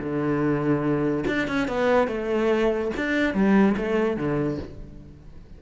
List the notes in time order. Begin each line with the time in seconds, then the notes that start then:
0.00 D3
1.27 D4
1.48 C#4
1.69 B3
2.08 A3
2.97 D4
3.34 G3
3.77 A3
4.17 D3